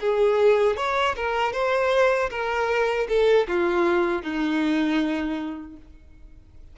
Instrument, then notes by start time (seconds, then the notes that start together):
violin
0.00 G#4
0.77 C#5
1.16 A#4
1.53 C5
2.30 A#4
3.09 A4
3.48 F4
4.23 D#4